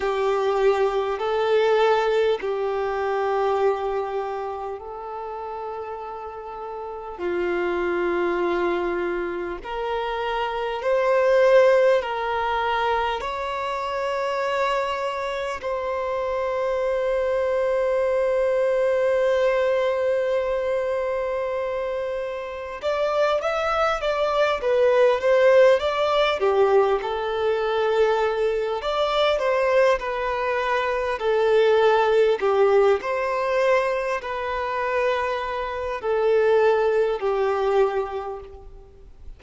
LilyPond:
\new Staff \with { instrumentName = "violin" } { \time 4/4 \tempo 4 = 50 g'4 a'4 g'2 | a'2 f'2 | ais'4 c''4 ais'4 cis''4~ | cis''4 c''2.~ |
c''2. d''8 e''8 | d''8 b'8 c''8 d''8 g'8 a'4. | d''8 c''8 b'4 a'4 g'8 c''8~ | c''8 b'4. a'4 g'4 | }